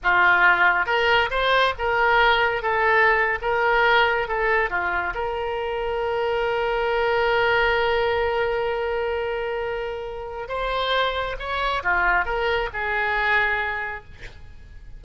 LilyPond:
\new Staff \with { instrumentName = "oboe" } { \time 4/4 \tempo 4 = 137 f'2 ais'4 c''4 | ais'2 a'4.~ a'16 ais'16~ | ais'4.~ ais'16 a'4 f'4 ais'16~ | ais'1~ |
ais'1~ | ais'1 | c''2 cis''4 f'4 | ais'4 gis'2. | }